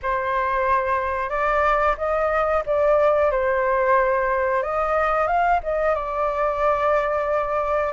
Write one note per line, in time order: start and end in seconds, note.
0.02 1.29 C5
1.29 1.95 D5
1.97 2.63 D#5
2.66 3.31 D5
3.31 4.62 C5
4.62 5.27 D#5
5.27 5.60 F5
5.63 5.95 D#5
5.95 7.92 D5